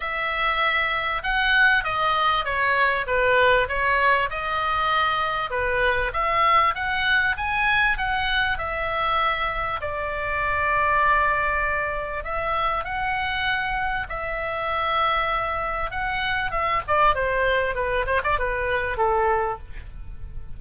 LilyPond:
\new Staff \with { instrumentName = "oboe" } { \time 4/4 \tempo 4 = 98 e''2 fis''4 dis''4 | cis''4 b'4 cis''4 dis''4~ | dis''4 b'4 e''4 fis''4 | gis''4 fis''4 e''2 |
d''1 | e''4 fis''2 e''4~ | e''2 fis''4 e''8 d''8 | c''4 b'8 c''16 d''16 b'4 a'4 | }